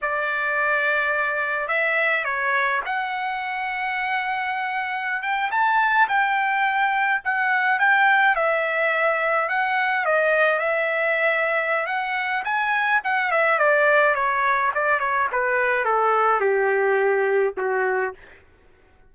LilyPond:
\new Staff \with { instrumentName = "trumpet" } { \time 4/4 \tempo 4 = 106 d''2. e''4 | cis''4 fis''2.~ | fis''4~ fis''16 g''8 a''4 g''4~ g''16~ | g''8. fis''4 g''4 e''4~ e''16~ |
e''8. fis''4 dis''4 e''4~ e''16~ | e''4 fis''4 gis''4 fis''8 e''8 | d''4 cis''4 d''8 cis''8 b'4 | a'4 g'2 fis'4 | }